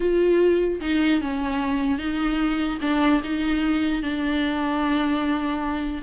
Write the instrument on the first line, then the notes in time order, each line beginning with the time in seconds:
viola
0.00 F4
0.80 D#4
1.21 C#4
1.98 D#4
2.81 D4
3.23 D#4
4.02 D4